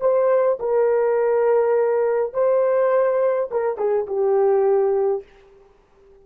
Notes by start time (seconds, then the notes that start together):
0.00 C5
0.59 A#4
2.33 C5
3.51 A#4
3.77 G#4
4.06 G4